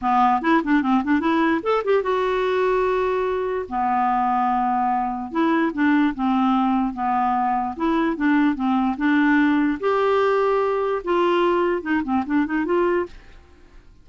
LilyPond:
\new Staff \with { instrumentName = "clarinet" } { \time 4/4 \tempo 4 = 147 b4 e'8 d'8 c'8 d'8 e'4 | a'8 g'8 fis'2.~ | fis'4 b2.~ | b4 e'4 d'4 c'4~ |
c'4 b2 e'4 | d'4 c'4 d'2 | g'2. f'4~ | f'4 dis'8 c'8 d'8 dis'8 f'4 | }